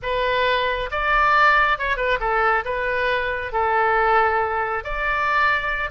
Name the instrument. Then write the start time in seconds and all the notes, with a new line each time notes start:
oboe
0.02 B4
0.91 D5
1.78 C#5
1.96 B4
2.20 A4
2.64 B4
3.52 A4
4.84 D5